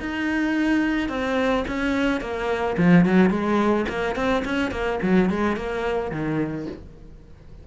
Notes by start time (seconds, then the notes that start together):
0.00 D#4
1.09 C4
1.67 C#4
2.20 A#3
2.77 F3
3.05 F#3
3.30 G#3
3.88 A#3
4.15 C4
4.44 C#4
4.71 A#3
5.02 F#3
5.30 G#3
5.56 A#3
6.11 D#3